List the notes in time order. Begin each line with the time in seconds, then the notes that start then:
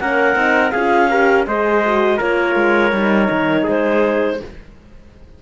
0.00 A#3 C#4 A#4 F#5
0.36 C4 D#4
0.71 C#4 F4 G#4 F5
1.10 G4 A#4
1.47 G#3 G#4 C5 D#5
1.85 F#4
2.18 A#3 F4 A#4 C#5
2.56 G#3
2.93 G3 D#4
3.31 D#3
3.63 G#3 G#4 C5